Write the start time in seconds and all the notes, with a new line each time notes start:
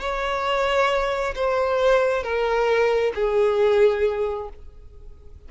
0.00 C#5
1.35 C5
2.23 A#4
3.14 G#4